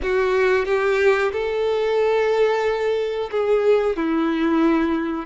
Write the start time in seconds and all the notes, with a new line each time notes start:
0.02 F#4
0.65 G4
1.32 A4
3.31 G#4
3.96 E4